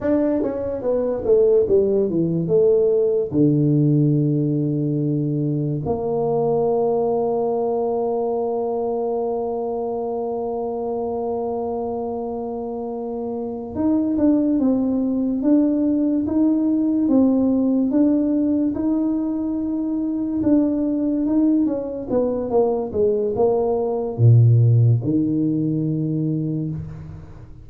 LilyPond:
\new Staff \with { instrumentName = "tuba" } { \time 4/4 \tempo 4 = 72 d'8 cis'8 b8 a8 g8 e8 a4 | d2. ais4~ | ais1~ | ais1~ |
ais8 dis'8 d'8 c'4 d'4 dis'8~ | dis'8 c'4 d'4 dis'4.~ | dis'8 d'4 dis'8 cis'8 b8 ais8 gis8 | ais4 ais,4 dis2 | }